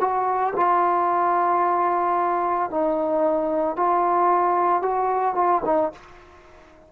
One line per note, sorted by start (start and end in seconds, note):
0.00 0.54 F#4
0.56 2.71 F4
2.71 3.77 D#4
3.77 4.82 F4
4.82 5.35 F#4
5.35 5.62 F4
5.65 5.92 D#4